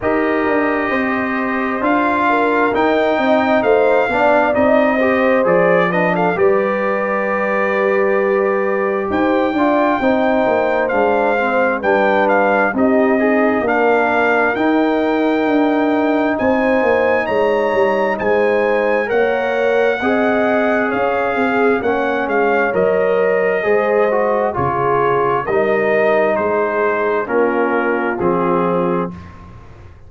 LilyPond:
<<
  \new Staff \with { instrumentName = "trumpet" } { \time 4/4 \tempo 4 = 66 dis''2 f''4 g''4 | f''4 dis''4 d''8 dis''16 f''16 d''4~ | d''2 g''2 | f''4 g''8 f''8 dis''4 f''4 |
g''2 gis''4 ais''4 | gis''4 fis''2 f''4 | fis''8 f''8 dis''2 cis''4 | dis''4 c''4 ais'4 gis'4 | }
  \new Staff \with { instrumentName = "horn" } { \time 4/4 ais'4 c''4. ais'4 dis''8 | c''8 d''4 c''4 b'16 a'16 b'4~ | b'2 c''8 d''8 c''4~ | c''4 b'4 g'8 dis'8 ais'4~ |
ais'2 c''4 cis''4 | c''4 cis''4 dis''4 cis''8 gis'8 | cis''2 c''4 gis'4 | ais'4 gis'4 f'2 | }
  \new Staff \with { instrumentName = "trombone" } { \time 4/4 g'2 f'4 dis'4~ | dis'8 d'8 dis'8 g'8 gis'8 d'8 g'4~ | g'2~ g'8 f'8 dis'4 | d'8 c'8 d'4 dis'8 gis'8 d'4 |
dis'1~ | dis'4 ais'4 gis'2 | cis'4 ais'4 gis'8 fis'8 f'4 | dis'2 cis'4 c'4 | }
  \new Staff \with { instrumentName = "tuba" } { \time 4/4 dis'8 d'8 c'4 d'4 dis'8 c'8 | a8 b8 c'4 f4 g4~ | g2 dis'8 d'8 c'8 ais8 | gis4 g4 c'4 ais4 |
dis'4 d'4 c'8 ais8 gis8 g8 | gis4 ais4 c'4 cis'8 c'8 | ais8 gis8 fis4 gis4 cis4 | g4 gis4 ais4 f4 | }
>>